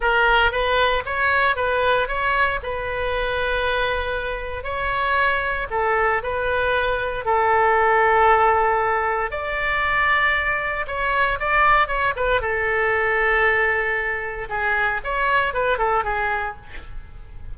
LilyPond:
\new Staff \with { instrumentName = "oboe" } { \time 4/4 \tempo 4 = 116 ais'4 b'4 cis''4 b'4 | cis''4 b'2.~ | b'4 cis''2 a'4 | b'2 a'2~ |
a'2 d''2~ | d''4 cis''4 d''4 cis''8 b'8 | a'1 | gis'4 cis''4 b'8 a'8 gis'4 | }